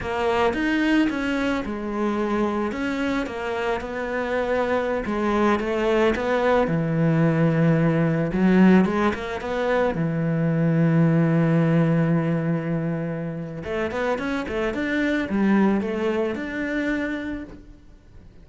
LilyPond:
\new Staff \with { instrumentName = "cello" } { \time 4/4 \tempo 4 = 110 ais4 dis'4 cis'4 gis4~ | gis4 cis'4 ais4 b4~ | b4~ b16 gis4 a4 b8.~ | b16 e2. fis8.~ |
fis16 gis8 ais8 b4 e4.~ e16~ | e1~ | e4 a8 b8 cis'8 a8 d'4 | g4 a4 d'2 | }